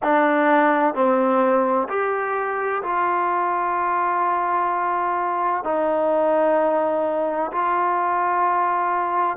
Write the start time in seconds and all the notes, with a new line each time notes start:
0.03 D4
0.94 C4
1.88 G4
2.83 F4
5.63 D#4
7.52 F4